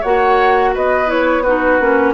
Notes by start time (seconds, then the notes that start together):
0.00 A#3 F#4 C#5 F#5
0.74 B3 B4 D#5
1.06 E4 C#5
1.42 D#4 F#4 B4
1.80 A#3 C#4